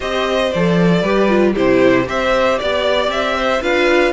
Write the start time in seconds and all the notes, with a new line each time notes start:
0.00 C4 G4 C5 D#5
0.51 F3 A4 D5
1.02 G3 G4 B4
1.28 F4
1.53 C3 E4 G4 C5
2.05 C4 G4 C5 E5
2.58 B3 D5
3.08 C4 E5
3.36 C5
3.61 D4 F4 B4 F5